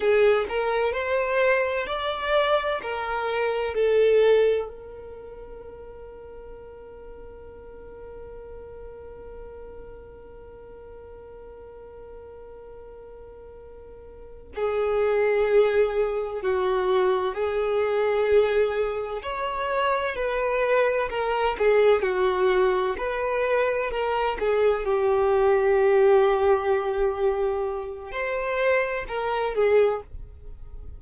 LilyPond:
\new Staff \with { instrumentName = "violin" } { \time 4/4 \tempo 4 = 64 gis'8 ais'8 c''4 d''4 ais'4 | a'4 ais'2.~ | ais'1~ | ais'2.~ ais'8 gis'8~ |
gis'4. fis'4 gis'4.~ | gis'8 cis''4 b'4 ais'8 gis'8 fis'8~ | fis'8 b'4 ais'8 gis'8 g'4.~ | g'2 c''4 ais'8 gis'8 | }